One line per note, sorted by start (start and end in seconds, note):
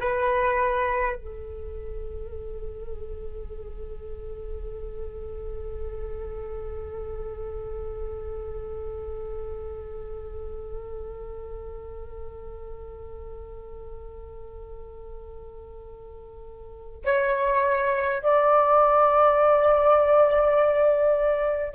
0.00 1.16 B4
1.16 17.04 A4
17.04 18.22 C#5
18.22 21.74 D5